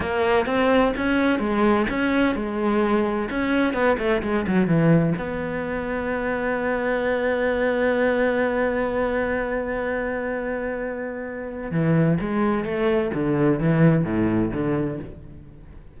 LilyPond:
\new Staff \with { instrumentName = "cello" } { \time 4/4 \tempo 4 = 128 ais4 c'4 cis'4 gis4 | cis'4 gis2 cis'4 | b8 a8 gis8 fis8 e4 b4~ | b1~ |
b1~ | b1~ | b4 e4 gis4 a4 | d4 e4 a,4 d4 | }